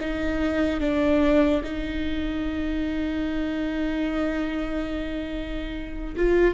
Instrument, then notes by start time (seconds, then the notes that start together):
viola
0.00 D#4
0.80 D4
1.63 D#4
6.16 F4